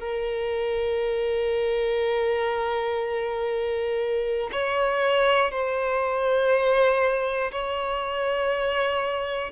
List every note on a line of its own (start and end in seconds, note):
0.00 4.50 A#4
4.52 5.50 C#5
5.50 7.50 C5
7.51 9.51 C#5